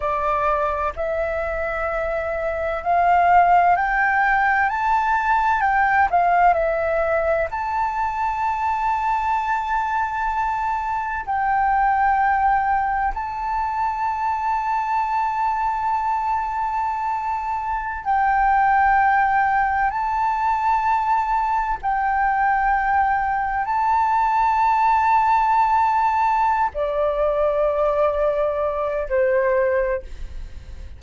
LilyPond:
\new Staff \with { instrumentName = "flute" } { \time 4/4 \tempo 4 = 64 d''4 e''2 f''4 | g''4 a''4 g''8 f''8 e''4 | a''1 | g''2 a''2~ |
a''2.~ a''16 g''8.~ | g''4~ g''16 a''2 g''8.~ | g''4~ g''16 a''2~ a''8.~ | a''8 d''2~ d''8 c''4 | }